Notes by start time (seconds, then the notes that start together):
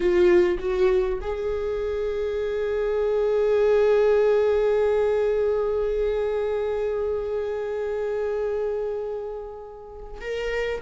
0.00 F4
0.59 F#4
1.21 G#4
10.20 A#4